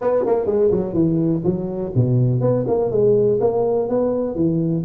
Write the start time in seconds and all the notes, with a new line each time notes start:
0.01 B3
0.26 A#3
0.46 G#3
0.71 F#3
0.93 E3
1.44 F#3
1.95 B2
2.40 B3
2.67 A#3
2.91 G#3
3.40 A#3
3.88 B3
4.35 E3